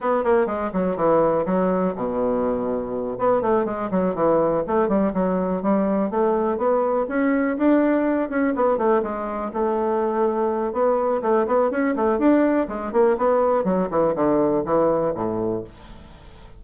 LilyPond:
\new Staff \with { instrumentName = "bassoon" } { \time 4/4 \tempo 4 = 123 b8 ais8 gis8 fis8 e4 fis4 | b,2~ b,8 b8 a8 gis8 | fis8 e4 a8 g8 fis4 g8~ | g8 a4 b4 cis'4 d'8~ |
d'4 cis'8 b8 a8 gis4 a8~ | a2 b4 a8 b8 | cis'8 a8 d'4 gis8 ais8 b4 | fis8 e8 d4 e4 a,4 | }